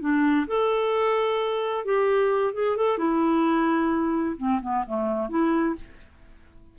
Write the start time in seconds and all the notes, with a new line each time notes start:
0.00 D4
0.47 A4
1.84 G4
2.53 G#4
2.77 A4
2.98 E4
4.37 C4
4.61 B3
4.87 A3
5.29 E4